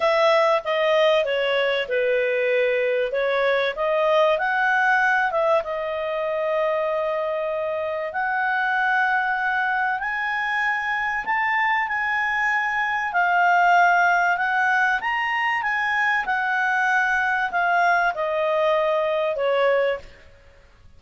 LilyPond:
\new Staff \with { instrumentName = "clarinet" } { \time 4/4 \tempo 4 = 96 e''4 dis''4 cis''4 b'4~ | b'4 cis''4 dis''4 fis''4~ | fis''8 e''8 dis''2.~ | dis''4 fis''2. |
gis''2 a''4 gis''4~ | gis''4 f''2 fis''4 | ais''4 gis''4 fis''2 | f''4 dis''2 cis''4 | }